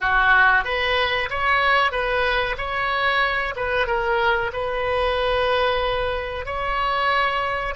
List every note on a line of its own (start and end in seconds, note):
0.00 0.64 F#4
0.64 1.29 B4
1.29 1.91 C#5
1.91 2.56 B4
2.57 3.54 C#5
3.55 3.86 B4
3.86 4.51 A#4
4.52 6.45 B4
6.45 7.74 C#5